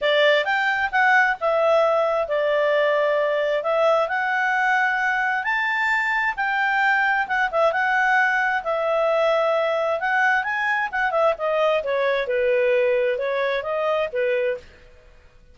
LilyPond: \new Staff \with { instrumentName = "clarinet" } { \time 4/4 \tempo 4 = 132 d''4 g''4 fis''4 e''4~ | e''4 d''2. | e''4 fis''2. | a''2 g''2 |
fis''8 e''8 fis''2 e''4~ | e''2 fis''4 gis''4 | fis''8 e''8 dis''4 cis''4 b'4~ | b'4 cis''4 dis''4 b'4 | }